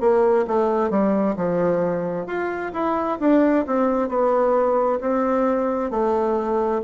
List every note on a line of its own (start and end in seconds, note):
0.00 0.45 A#3
0.48 0.90 A3
0.90 1.36 G3
1.36 2.26 F3
2.26 2.72 F4
2.73 3.19 E4
3.20 3.65 D4
3.67 4.09 C4
4.09 5.00 B3
5.00 5.90 C4
5.90 6.81 A3